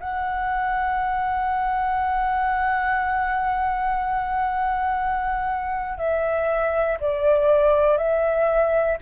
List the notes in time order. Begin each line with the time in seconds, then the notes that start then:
0.00 F#5
5.98 E5
7.00 D5
7.97 E5